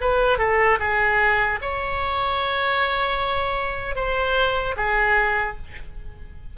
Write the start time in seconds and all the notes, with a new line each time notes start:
0.00 B4
0.38 A4
0.79 G#4
1.61 C#5
3.95 C5
4.76 G#4